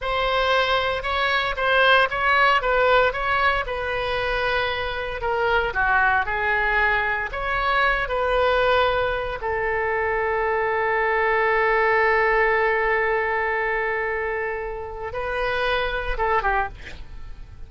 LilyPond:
\new Staff \with { instrumentName = "oboe" } { \time 4/4 \tempo 4 = 115 c''2 cis''4 c''4 | cis''4 b'4 cis''4 b'4~ | b'2 ais'4 fis'4 | gis'2 cis''4. b'8~ |
b'2 a'2~ | a'1~ | a'1~ | a'4 b'2 a'8 g'8 | }